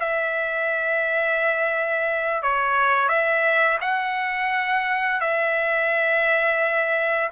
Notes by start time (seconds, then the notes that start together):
0.00 E5
2.43 C#5
3.09 E5
3.81 F#5
5.21 E5